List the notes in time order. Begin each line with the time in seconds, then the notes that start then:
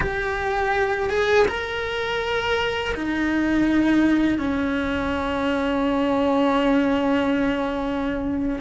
0.00 G4
1.09 G#4
1.47 A#4
2.94 D#4
4.38 C#4